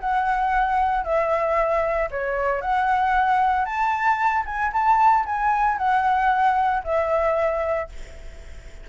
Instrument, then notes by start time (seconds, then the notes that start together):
flute
0.00 F#5
1.04 E5
2.11 C#5
2.61 F#5
3.65 A5
4.45 G#5
4.73 A5
5.25 G#5
5.78 F#5
6.84 E5